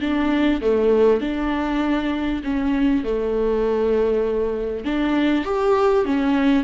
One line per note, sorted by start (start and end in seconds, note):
0.00 0.61 D4
0.61 1.21 A3
1.21 2.42 D4
2.43 3.04 C#4
3.04 4.85 A3
4.85 5.45 D4
5.45 6.05 G4
6.05 6.64 C#4